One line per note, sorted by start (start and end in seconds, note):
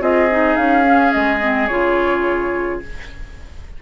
0.00 0.56 C4
0.00 0.29 F4
0.00 2.82 G#4
0.00 0.56 D#5
0.30 0.83 D#4
0.56 1.13 C#4
0.56 1.11 F5
0.83 1.39 C#4
1.11 1.69 G#3
1.11 1.67 D#5
1.40 1.68 C4
1.67 2.81 C#3
1.67 2.81 F4
1.67 2.79 C#5